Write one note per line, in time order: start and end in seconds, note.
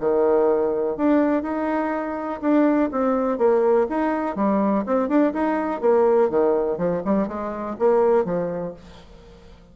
0.00 0.97 D#3
0.97 1.43 D4
1.43 2.40 D#4
2.41 2.90 D4
2.91 3.38 C4
3.38 3.87 A#3
3.89 4.35 D#4
4.35 4.84 G3
4.86 5.08 C4
5.08 5.33 D4
5.33 5.81 D#4
5.81 6.29 A#3
6.29 6.78 D#3
6.78 7.02 F3
7.05 7.28 G3
7.28 7.76 G#3
7.79 8.25 A#3
8.25 8.74 F3